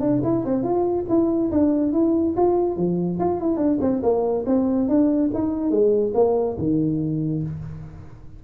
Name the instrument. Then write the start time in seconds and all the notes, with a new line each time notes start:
tuba
0.00 D4
0.23 E4
0.45 C4
0.63 F4
1.09 E4
1.51 D4
1.92 E4
2.36 F4
2.77 F3
3.19 F4
3.40 E4
3.57 D4
3.81 C4
4.03 A#3
4.46 C4
4.88 D4
5.34 D#4
5.70 G#3
6.14 A#3
6.58 D#3